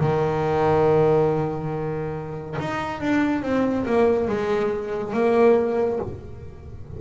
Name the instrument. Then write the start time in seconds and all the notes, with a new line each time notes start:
double bass
0.00 D#3
2.59 D#4
3.01 D4
3.42 C4
3.86 A#3
4.28 G#3
5.14 A#3